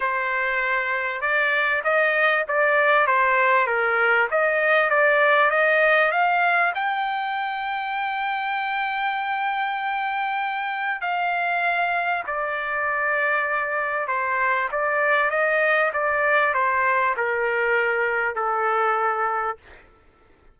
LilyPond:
\new Staff \with { instrumentName = "trumpet" } { \time 4/4 \tempo 4 = 98 c''2 d''4 dis''4 | d''4 c''4 ais'4 dis''4 | d''4 dis''4 f''4 g''4~ | g''1~ |
g''2 f''2 | d''2. c''4 | d''4 dis''4 d''4 c''4 | ais'2 a'2 | }